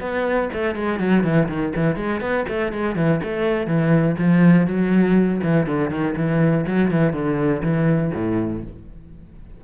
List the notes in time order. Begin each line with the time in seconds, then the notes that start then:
0.00 B3
0.53 A3
0.75 G#3
0.99 F#3
1.23 E3
1.48 D#3
1.76 E3
1.96 G#3
2.21 B3
2.48 A3
2.72 G#3
2.96 E3
3.23 A3
3.67 E3
4.18 F3
4.67 F#3
5.43 E3
5.66 D3
5.90 D#3
6.16 E3
6.66 F#3
6.91 E3
7.13 D3
7.62 E3
8.14 A2